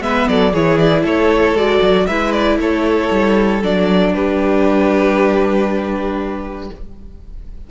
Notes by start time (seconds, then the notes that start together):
0.00 G#3 B3 B4 E5
0.28 F#3 A4 D5
0.52 E3 E4 G#4 C#5
0.78 D5
1.02 A3 A4 C#5
1.53 G#3 F#4 D5
1.82 F#3
2.06 G#3 E4 B4 E5
2.32 D5
2.57 A3 A4 C#5
3.11 G3
3.62 F#3 D4 D5
4.13 G3 G4 B4